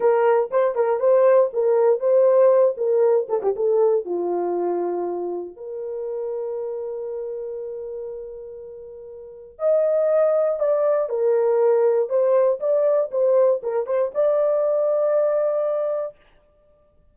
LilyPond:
\new Staff \with { instrumentName = "horn" } { \time 4/4 \tempo 4 = 119 ais'4 c''8 ais'8 c''4 ais'4 | c''4. ais'4 a'16 g'16 a'4 | f'2. ais'4~ | ais'1~ |
ais'2. dis''4~ | dis''4 d''4 ais'2 | c''4 d''4 c''4 ais'8 c''8 | d''1 | }